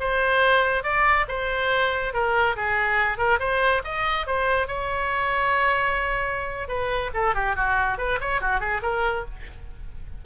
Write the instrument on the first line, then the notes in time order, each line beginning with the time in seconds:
oboe
0.00 C5
0.83 D5
1.28 C5
2.13 A#4
2.56 G#4
3.18 A#4
3.39 C5
3.84 D#5
4.27 C5
4.68 C#5
6.68 B4
7.14 A4
7.35 G4
7.56 F#4
7.98 B4
8.21 C#5
8.41 F#4
8.60 G#4
8.82 A#4